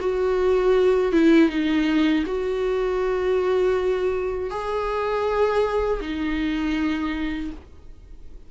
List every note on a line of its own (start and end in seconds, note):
0.00 1.12 F#4
1.12 1.49 E4
1.49 2.24 D#4
2.26 4.50 F#4
4.50 6.00 G#4
6.01 7.51 D#4